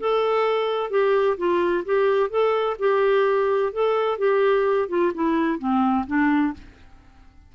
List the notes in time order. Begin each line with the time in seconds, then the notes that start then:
0.00 A4
0.90 G4
1.37 F4
1.85 G4
2.30 A4
2.79 G4
3.73 A4
4.18 G4
4.89 F4
5.14 E4
5.59 C4
6.07 D4